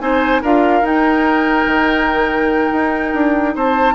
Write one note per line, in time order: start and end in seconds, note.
0.00 0.42 C4
0.00 0.42 D#4
0.00 0.42 C5
0.00 0.42 G#5
0.42 0.82 D4
0.42 0.83 F4
0.42 3.54 A#4
0.42 0.86 F5
0.82 1.65 D#4
0.82 3.94 D#4
0.82 3.57 G5
1.66 2.70 D#3
2.73 3.14 D#4
3.14 3.55 D4
3.55 3.94 C4
3.55 3.94 C5
3.55 3.94 A5